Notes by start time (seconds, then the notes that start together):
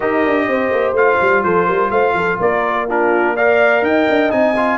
0.00 D#4 G4 A#4 D#5
0.24 D4
0.47 C4 C5
0.70 A#3
0.92 A3 F4 F5
1.21 G3
1.43 F3 A4 C5
1.66 G3 A#4
1.90 A3 C5 F5
2.13 F3 A4
2.38 A#3 A#4 D5
2.88 D4 F4 A#4
3.34 A#4 D5 F5
3.82 D#4 D#5 G5
4.09 D4
4.30 C4 D#4 G#5
4.56 F4